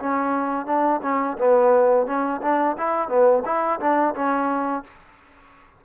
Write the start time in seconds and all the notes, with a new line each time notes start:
0.00 C#4
0.66 D4
1.03 C#4
1.39 B3
2.07 C#4
2.42 D4
2.78 E4
3.09 B3
3.46 E4
3.80 D4
4.15 C#4